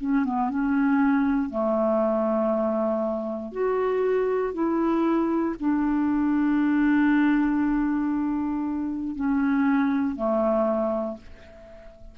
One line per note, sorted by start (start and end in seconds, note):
0.00 0.24 C#4
0.24 0.49 B3
0.49 1.49 C#4
1.49 3.52 A3
3.52 4.53 F#4
4.53 5.55 E4
5.59 9.15 D4
9.15 10.15 C#4
10.15 11.17 A3